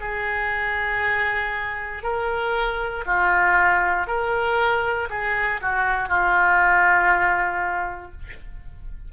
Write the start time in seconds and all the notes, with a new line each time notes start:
0.00 G#4
2.03 A#4
3.06 F4
4.07 A#4
5.09 G#4
5.62 F#4
6.08 F4